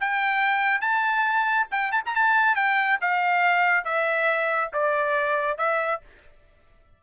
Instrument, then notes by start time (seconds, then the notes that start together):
trumpet
0.00 G5
0.81 A5
1.71 G5
1.91 A5
2.06 A#5
2.15 A5
2.55 G5
3.01 F5
3.85 E5
4.73 D5
5.58 E5